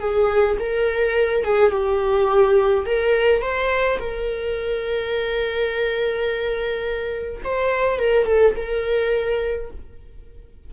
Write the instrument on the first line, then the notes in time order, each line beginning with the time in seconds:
viola
0.00 G#4
0.59 A#4
1.44 G#4
1.71 G4
2.86 A#4
3.42 C5
3.99 A#4
7.44 C5
7.99 A#4
8.26 A4
8.56 A#4